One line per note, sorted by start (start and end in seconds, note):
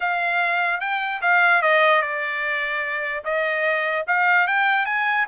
0.00 0.80 F5
0.80 1.21 G5
1.21 1.62 F5
1.62 2.02 D#5
2.02 3.23 D5
3.24 4.05 D#5
4.07 4.47 F5
4.47 4.85 G5
4.85 5.26 G#5